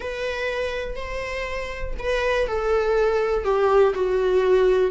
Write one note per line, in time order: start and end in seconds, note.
0.00 0.95 B4
0.95 1.94 C5
1.98 2.47 B4
2.47 3.44 A4
3.44 3.93 G4
3.94 4.91 F#4